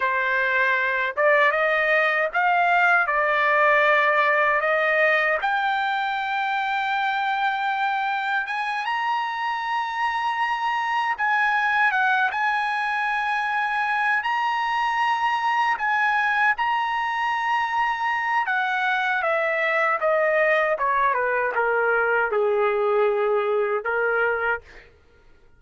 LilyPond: \new Staff \with { instrumentName = "trumpet" } { \time 4/4 \tempo 4 = 78 c''4. d''8 dis''4 f''4 | d''2 dis''4 g''4~ | g''2. gis''8 ais''8~ | ais''2~ ais''8 gis''4 fis''8 |
gis''2~ gis''8 ais''4.~ | ais''8 gis''4 ais''2~ ais''8 | fis''4 e''4 dis''4 cis''8 b'8 | ais'4 gis'2 ais'4 | }